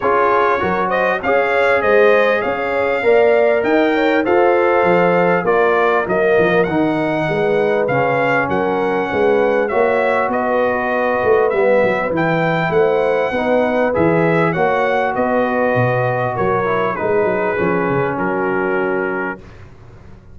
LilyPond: <<
  \new Staff \with { instrumentName = "trumpet" } { \time 4/4 \tempo 4 = 99 cis''4. dis''8 f''4 dis''4 | f''2 g''4 f''4~ | f''4 d''4 dis''4 fis''4~ | fis''4 f''4 fis''2 |
e''4 dis''2 e''4 | g''4 fis''2 e''4 | fis''4 dis''2 cis''4 | b'2 ais'2 | }
  \new Staff \with { instrumentName = "horn" } { \time 4/4 gis'4 ais'8 c''8 cis''4 c''4 | cis''4 d''4 dis''8 cis''8 c''4~ | c''4 ais'2. | b'2 ais'4 b'4 |
cis''4 b'2.~ | b'4 c''4 b'2 | cis''4 b'2 ais'4 | gis'2 fis'2 | }
  \new Staff \with { instrumentName = "trombone" } { \time 4/4 f'4 fis'4 gis'2~ | gis'4 ais'2 a'4~ | a'4 f'4 ais4 dis'4~ | dis'4 cis'2. |
fis'2. b4 | e'2 dis'4 gis'4 | fis'2.~ fis'8 e'8 | dis'4 cis'2. | }
  \new Staff \with { instrumentName = "tuba" } { \time 4/4 cis'4 fis4 cis'4 gis4 | cis'4 ais4 dis'4 f'4 | f4 ais4 fis8 f8 dis4 | gis4 cis4 fis4 gis4 |
ais4 b4. a8 g8 fis8 | e4 a4 b4 e4 | ais4 b4 b,4 fis4 | gis8 fis8 f8 cis8 fis2 | }
>>